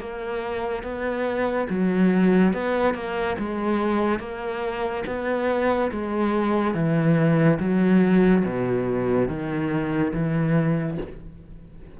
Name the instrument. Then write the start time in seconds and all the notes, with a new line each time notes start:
cello
0.00 A#3
0.83 B3
1.69 F#3
2.54 B3
2.95 A#3
3.39 G#3
4.19 A#3
5.07 B3
5.92 G#3
6.75 E3
7.59 F#3
8.45 B2
9.28 D#3
10.13 E3